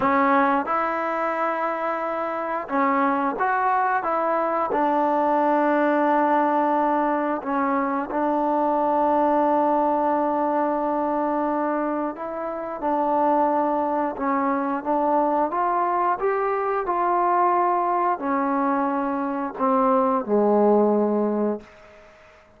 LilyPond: \new Staff \with { instrumentName = "trombone" } { \time 4/4 \tempo 4 = 89 cis'4 e'2. | cis'4 fis'4 e'4 d'4~ | d'2. cis'4 | d'1~ |
d'2 e'4 d'4~ | d'4 cis'4 d'4 f'4 | g'4 f'2 cis'4~ | cis'4 c'4 gis2 | }